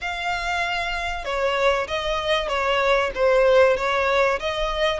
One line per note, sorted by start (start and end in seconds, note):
0.01 1.24 F5
1.24 1.87 C#5
1.87 2.48 D#5
2.48 3.11 C#5
3.14 3.76 C5
3.76 4.39 C#5
4.39 4.99 D#5